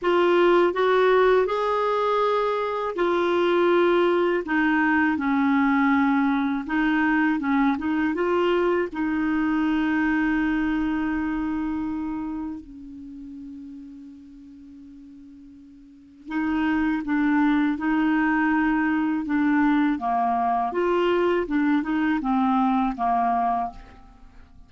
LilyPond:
\new Staff \with { instrumentName = "clarinet" } { \time 4/4 \tempo 4 = 81 f'4 fis'4 gis'2 | f'2 dis'4 cis'4~ | cis'4 dis'4 cis'8 dis'8 f'4 | dis'1~ |
dis'4 cis'2.~ | cis'2 dis'4 d'4 | dis'2 d'4 ais4 | f'4 d'8 dis'8 c'4 ais4 | }